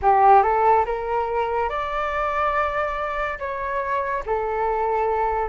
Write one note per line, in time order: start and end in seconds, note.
0.02 0.42 G4
0.42 0.85 A4
0.85 1.69 A#4
1.69 3.38 D5
3.38 4.23 C#5
4.26 5.49 A4